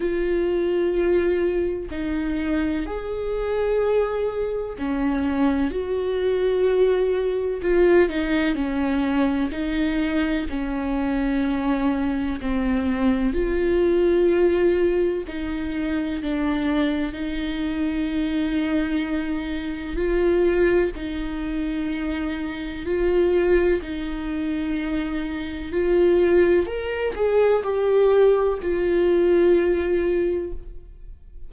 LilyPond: \new Staff \with { instrumentName = "viola" } { \time 4/4 \tempo 4 = 63 f'2 dis'4 gis'4~ | gis'4 cis'4 fis'2 | f'8 dis'8 cis'4 dis'4 cis'4~ | cis'4 c'4 f'2 |
dis'4 d'4 dis'2~ | dis'4 f'4 dis'2 | f'4 dis'2 f'4 | ais'8 gis'8 g'4 f'2 | }